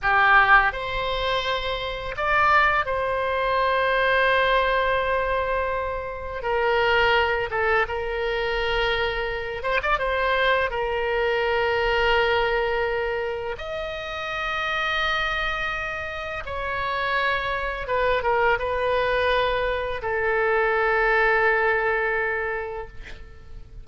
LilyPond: \new Staff \with { instrumentName = "oboe" } { \time 4/4 \tempo 4 = 84 g'4 c''2 d''4 | c''1~ | c''4 ais'4. a'8 ais'4~ | ais'4. c''16 d''16 c''4 ais'4~ |
ais'2. dis''4~ | dis''2. cis''4~ | cis''4 b'8 ais'8 b'2 | a'1 | }